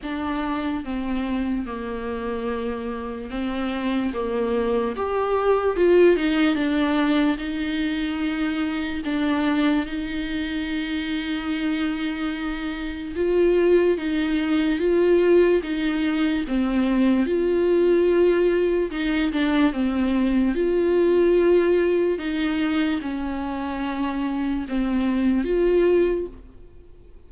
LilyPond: \new Staff \with { instrumentName = "viola" } { \time 4/4 \tempo 4 = 73 d'4 c'4 ais2 | c'4 ais4 g'4 f'8 dis'8 | d'4 dis'2 d'4 | dis'1 |
f'4 dis'4 f'4 dis'4 | c'4 f'2 dis'8 d'8 | c'4 f'2 dis'4 | cis'2 c'4 f'4 | }